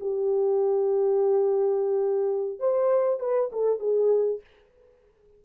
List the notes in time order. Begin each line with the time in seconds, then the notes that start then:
0.00 G4
2.59 C5
3.20 B4
3.52 A4
3.79 G#4